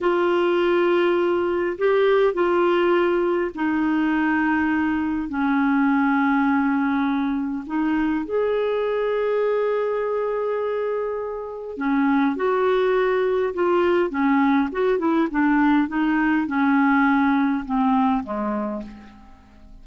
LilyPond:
\new Staff \with { instrumentName = "clarinet" } { \time 4/4 \tempo 4 = 102 f'2. g'4 | f'2 dis'2~ | dis'4 cis'2.~ | cis'4 dis'4 gis'2~ |
gis'1 | cis'4 fis'2 f'4 | cis'4 fis'8 e'8 d'4 dis'4 | cis'2 c'4 gis4 | }